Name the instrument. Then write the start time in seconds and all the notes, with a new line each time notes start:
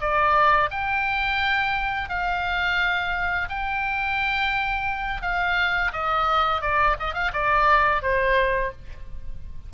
oboe
0.00 D5
0.71 G5
2.09 F5
3.49 G5
5.22 F5
5.93 D#5
6.62 D5
7.00 D#5
7.14 F5
7.33 D5
8.02 C5